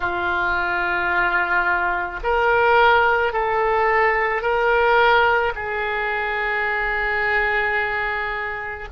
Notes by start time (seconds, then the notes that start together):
0.00 F4
2.23 A#4
3.32 A4
4.41 A#4
5.55 G#4